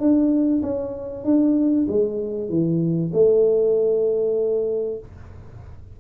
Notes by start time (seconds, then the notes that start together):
0.00 D4
0.63 C#4
1.25 D4
1.88 G#3
2.49 E3
3.13 A3